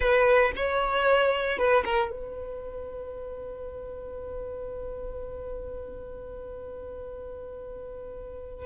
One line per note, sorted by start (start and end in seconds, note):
0.00 0.52 B4
0.56 1.57 C#5
1.57 1.84 B4
1.84 2.11 A#4
2.11 8.65 B4